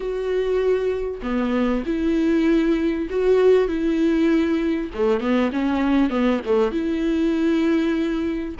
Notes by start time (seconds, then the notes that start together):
0.00 F#4
1.22 B3
1.86 E4
3.10 F#4
3.68 E4
4.93 A3
5.20 B3
5.52 C#4
6.09 B3
6.45 A3
6.71 E4